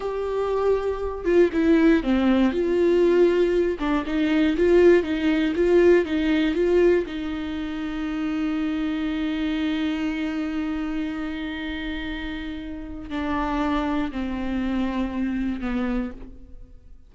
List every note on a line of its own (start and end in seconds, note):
0.00 1.24 G4
1.24 1.50 F4
1.52 2.03 E4
2.03 2.51 C4
2.51 3.77 F4
3.79 4.04 D4
4.05 4.56 D#4
4.56 5.03 F4
5.03 5.53 D#4
5.55 6.05 F4
6.05 6.55 D#4
6.55 7.05 F4
7.06 13.10 D#4
13.10 14.11 D4
14.11 15.61 C4
15.61 16.11 B3